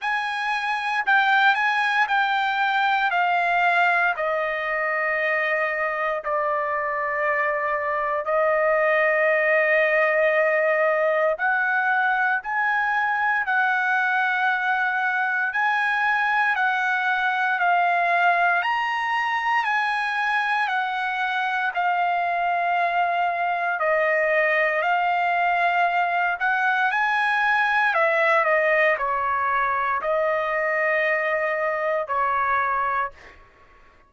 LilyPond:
\new Staff \with { instrumentName = "trumpet" } { \time 4/4 \tempo 4 = 58 gis''4 g''8 gis''8 g''4 f''4 | dis''2 d''2 | dis''2. fis''4 | gis''4 fis''2 gis''4 |
fis''4 f''4 ais''4 gis''4 | fis''4 f''2 dis''4 | f''4. fis''8 gis''4 e''8 dis''8 | cis''4 dis''2 cis''4 | }